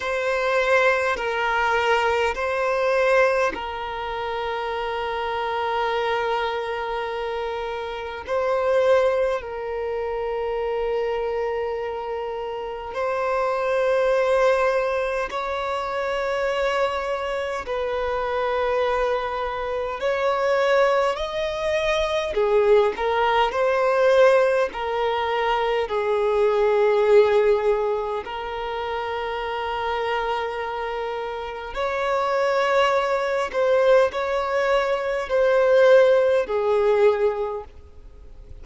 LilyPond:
\new Staff \with { instrumentName = "violin" } { \time 4/4 \tempo 4 = 51 c''4 ais'4 c''4 ais'4~ | ais'2. c''4 | ais'2. c''4~ | c''4 cis''2 b'4~ |
b'4 cis''4 dis''4 gis'8 ais'8 | c''4 ais'4 gis'2 | ais'2. cis''4~ | cis''8 c''8 cis''4 c''4 gis'4 | }